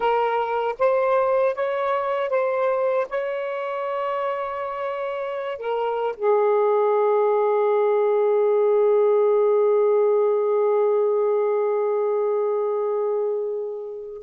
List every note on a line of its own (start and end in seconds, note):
0.00 0.75 A#4
0.78 1.55 C5
1.55 2.29 C#5
2.29 3.06 C5
3.09 5.58 C#5
5.58 6.15 A#4
6.16 14.22 G#4